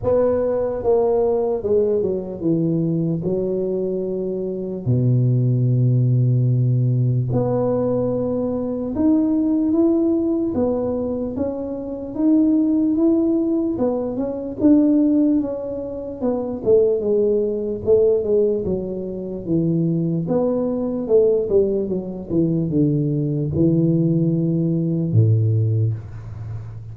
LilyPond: \new Staff \with { instrumentName = "tuba" } { \time 4/4 \tempo 4 = 74 b4 ais4 gis8 fis8 e4 | fis2 b,2~ | b,4 b2 dis'4 | e'4 b4 cis'4 dis'4 |
e'4 b8 cis'8 d'4 cis'4 | b8 a8 gis4 a8 gis8 fis4 | e4 b4 a8 g8 fis8 e8 | d4 e2 a,4 | }